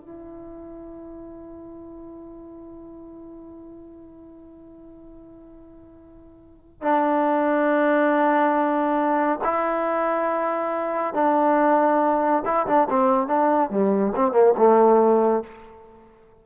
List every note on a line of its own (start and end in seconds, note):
0.00 6.81 E4
6.81 9.39 D4
9.44 11.14 E4
11.14 12.42 D4
12.45 12.66 E4
12.66 12.88 D4
12.89 13.27 C4
13.27 13.69 D4
13.69 14.12 G3
14.15 14.32 C4
14.32 14.53 A#3
14.57 15.43 A3